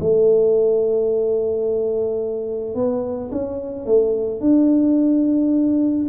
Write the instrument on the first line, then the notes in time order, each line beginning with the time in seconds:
tuba
0.00 A3
2.75 B3
3.32 C#4
3.86 A3
4.41 D4